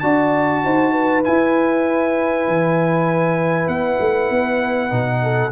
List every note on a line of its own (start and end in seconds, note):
0.00 0.65 D4
0.00 1.23 F#4
0.00 0.63 D5
0.00 1.22 A5
0.65 1.26 D#4
0.65 0.92 C5
0.92 5.21 B4
1.23 4.91 E4
1.23 2.48 E4
1.23 3.68 G#5
2.48 3.68 E3
3.68 3.99 B3
3.68 5.52 F#5
4.01 4.31 A3
4.31 4.92 B3
4.91 5.53 B2
4.91 5.52 D#4
5.23 5.53 A4